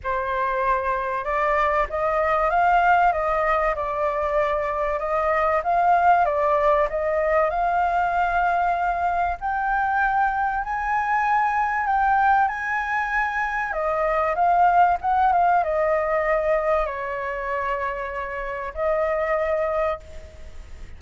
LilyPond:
\new Staff \with { instrumentName = "flute" } { \time 4/4 \tempo 4 = 96 c''2 d''4 dis''4 | f''4 dis''4 d''2 | dis''4 f''4 d''4 dis''4 | f''2. g''4~ |
g''4 gis''2 g''4 | gis''2 dis''4 f''4 | fis''8 f''8 dis''2 cis''4~ | cis''2 dis''2 | }